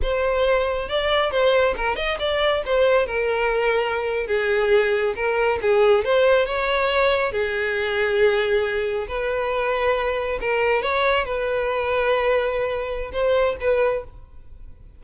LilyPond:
\new Staff \with { instrumentName = "violin" } { \time 4/4 \tempo 4 = 137 c''2 d''4 c''4 | ais'8 dis''8 d''4 c''4 ais'4~ | ais'4.~ ais'16 gis'2 ais'16~ | ais'8. gis'4 c''4 cis''4~ cis''16~ |
cis''8. gis'2.~ gis'16~ | gis'8. b'2. ais'16~ | ais'8. cis''4 b'2~ b'16~ | b'2 c''4 b'4 | }